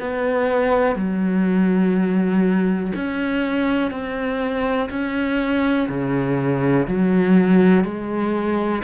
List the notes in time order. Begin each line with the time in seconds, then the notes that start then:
0.00 B3
0.96 F#3
2.96 C#4
3.91 C4
4.90 C#4
5.89 C#3
6.87 F#3
7.84 G#3